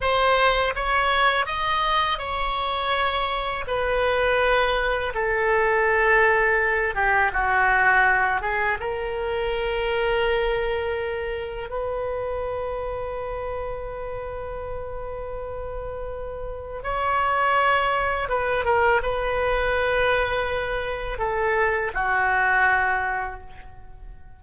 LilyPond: \new Staff \with { instrumentName = "oboe" } { \time 4/4 \tempo 4 = 82 c''4 cis''4 dis''4 cis''4~ | cis''4 b'2 a'4~ | a'4. g'8 fis'4. gis'8 | ais'1 |
b'1~ | b'2. cis''4~ | cis''4 b'8 ais'8 b'2~ | b'4 a'4 fis'2 | }